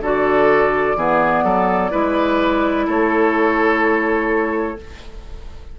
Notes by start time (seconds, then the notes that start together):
0.00 D3 F#4 A4 D5
0.95 E3 B3 G#4
1.43 F#3 A4
1.90 G#3 E4 B4
2.86 A3 A4 C#5